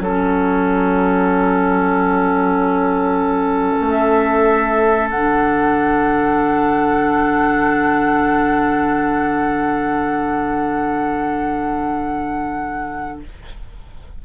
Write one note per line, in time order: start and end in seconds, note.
0.00 3.75 F#3
0.00 5.13 C#4
0.00 13.23 A4
0.00 3.89 F#5
3.81 5.14 A3
3.89 5.09 E5
5.10 13.24 D3
5.10 13.26 D4
5.10 13.20 F#5